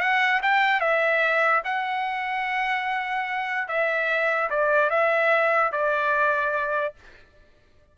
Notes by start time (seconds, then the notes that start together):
0.00 F#5
0.42 G5
0.81 E5
1.64 F#5
3.68 E5
4.50 D5
4.90 E5
5.72 D5